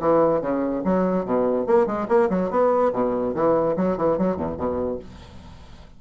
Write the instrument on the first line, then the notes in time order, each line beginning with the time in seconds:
bassoon
0.00 E3
0.41 C#3
0.84 F#3
1.25 B2
1.66 A#3
1.86 G#3
2.08 A#3
2.30 F#3
2.50 B3
2.92 B2
3.34 E3
3.76 F#3
3.97 E3
4.18 F#3
4.36 E2
4.57 B2